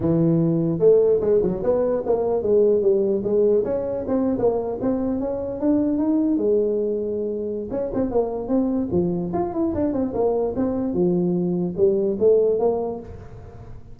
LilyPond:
\new Staff \with { instrumentName = "tuba" } { \time 4/4 \tempo 4 = 148 e2 a4 gis8 fis8 | b4 ais4 gis4 g4 | gis4 cis'4 c'8. ais4 c'16~ | c'8. cis'4 d'4 dis'4 gis16~ |
gis2. cis'8 c'8 | ais4 c'4 f4 f'8 e'8 | d'8 c'8 ais4 c'4 f4~ | f4 g4 a4 ais4 | }